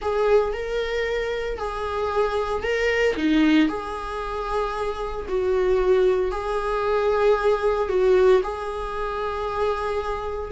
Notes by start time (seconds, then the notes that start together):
0.01 G#4
0.53 A#4
1.58 G#4
2.63 A#4
3.16 D#4
3.68 G#4
5.28 F#4
6.31 G#4
7.89 F#4
8.43 G#4